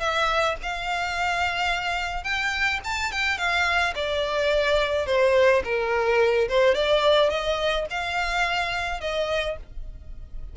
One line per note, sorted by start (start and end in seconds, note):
0.00 0.56 E5
0.63 2.24 F5
2.24 2.80 G5
2.84 3.12 A5
3.12 3.38 G5
3.38 3.94 F5
3.95 5.07 D5
5.07 5.63 C5
5.65 6.49 A#4
6.49 6.75 C5
6.75 7.30 D5
7.30 7.86 D#5
7.90 9.01 F5
9.01 9.57 D#5